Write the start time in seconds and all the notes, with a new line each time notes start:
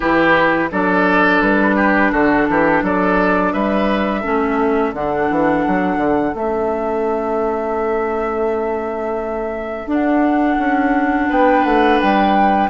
0.00 E3 E4 G4 B4
0.71 F#3 D4 A4 D5
1.41 G3 B4
1.76 G4
2.12 D3 F#4 A4
2.49 E3 G4
2.82 F#3 A4 D5
3.52 G3 B4 E5
4.20 A3 C#4 A4
4.93 D3 D4 F#5
5.30 E3
5.67 F#3
5.96 D3
6.34 A3 C#4 E5
9.86 D4 F#5
10.58 C#4
11.28 B3 B4 G5
11.64 A3 F#5
12.00 G3 G5